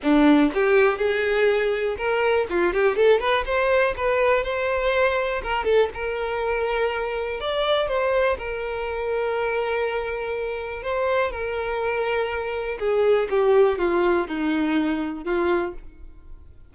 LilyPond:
\new Staff \with { instrumentName = "violin" } { \time 4/4 \tempo 4 = 122 d'4 g'4 gis'2 | ais'4 f'8 g'8 a'8 b'8 c''4 | b'4 c''2 ais'8 a'8 | ais'2. d''4 |
c''4 ais'2.~ | ais'2 c''4 ais'4~ | ais'2 gis'4 g'4 | f'4 dis'2 f'4 | }